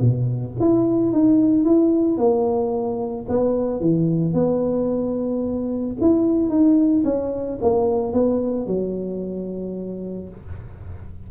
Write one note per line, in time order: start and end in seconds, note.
0.00 0.54 B2
0.60 1.13 E4
1.13 1.64 D#4
1.64 2.18 E4
2.18 3.26 A#3
3.29 3.81 B3
3.81 4.34 E3
4.34 5.96 B3
6.01 6.49 E4
6.49 7.03 D#4
7.05 7.59 C#4
7.61 8.13 A#3
8.13 8.67 B3
8.67 10.29 F#3